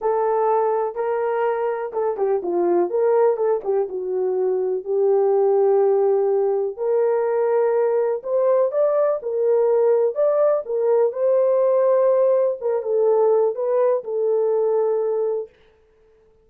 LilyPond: \new Staff \with { instrumentName = "horn" } { \time 4/4 \tempo 4 = 124 a'2 ais'2 | a'8 g'8 f'4 ais'4 a'8 g'8 | fis'2 g'2~ | g'2 ais'2~ |
ais'4 c''4 d''4 ais'4~ | ais'4 d''4 ais'4 c''4~ | c''2 ais'8 a'4. | b'4 a'2. | }